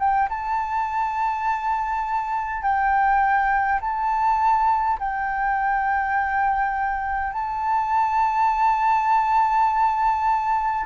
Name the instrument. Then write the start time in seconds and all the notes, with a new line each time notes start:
flute
0.00 G5
0.30 A5
2.63 G5
3.81 A5
4.99 G5
7.33 A5